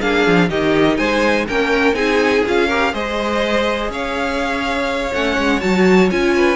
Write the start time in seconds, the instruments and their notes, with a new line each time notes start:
0.00 cello A#3, viola D4, violin G#4 F5
0.26 cello F3
0.49 cello D#3, viola D#4, violin G4 D#5
0.97 cello G#3, violin C5 G#5
1.47 cello A#3, viola C#4, violin A#4 G5
1.93 cello C4, viola D#4, violin G#4 G#5
2.46 cello C#4, viola F4, violin F5
2.67 viola G4, violin A#4
2.93 cello G#3, viola G#4, violin C5 D#5
3.89 cello C#4, violin C#5 F5
5.13 cello A3, viola C#4, violin F#5
5.38 cello G#3
5.60 cello F#3, viola F#4, violin A5
6.10 cello C#4, viola F4, violin G#5
6.35 violin B4